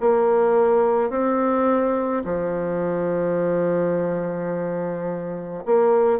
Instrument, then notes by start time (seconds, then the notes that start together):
bassoon
0.00 A#3
1.10 C4
2.24 F3
5.65 A#3